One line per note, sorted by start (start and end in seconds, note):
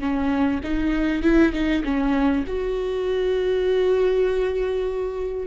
0.00 0.61 C#4
0.64 1.23 D#4
1.23 1.53 E4
1.53 1.83 D#4
1.84 2.45 C#4
2.47 5.48 F#4